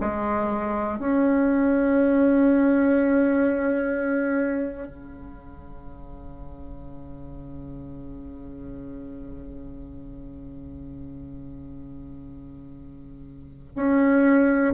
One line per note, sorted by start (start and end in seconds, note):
0.00 0.98 G#3
0.98 4.88 C#4
4.88 13.73 C#3
13.75 14.74 C#4